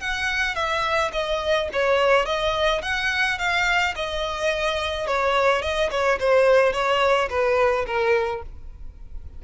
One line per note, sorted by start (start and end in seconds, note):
0.00 0.55 F#5
0.55 1.11 E5
1.12 1.68 D#5
1.73 2.25 C#5
2.25 2.81 D#5
2.82 3.38 F#5
3.38 3.94 F5
3.95 5.07 D#5
5.07 5.62 C#5
5.62 5.90 D#5
5.91 6.19 C#5
6.19 6.73 C5
6.73 7.29 C#5
7.29 7.86 B4
7.86 8.42 A#4